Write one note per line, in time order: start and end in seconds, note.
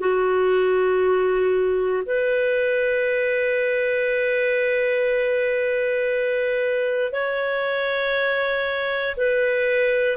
0.00 2.03 F#4
2.06 7.13 B4
7.13 9.16 C#5
9.17 10.17 B4